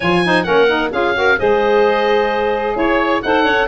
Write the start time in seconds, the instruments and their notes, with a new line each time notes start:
0.00 tuba F3, saxophone F4, clarinet C#5, oboe G#5
0.24 saxophone D#4, clarinet C5
0.43 tuba A#3, saxophone C#4, clarinet A#4, oboe F#5
0.67 saxophone D#4
0.91 tuba C#4, saxophone F4, clarinet G#4, oboe F5
1.13 saxophone F#4, clarinet A#4
1.38 tuba G#3, saxophone G#4, clarinet C5, oboe D#5
2.75 tuba E4, clarinet C#5, oboe C#5
3.22 tuba D#4, saxophone A4, clarinet C5, oboe F#5
3.43 tuba C#4, clarinet C#5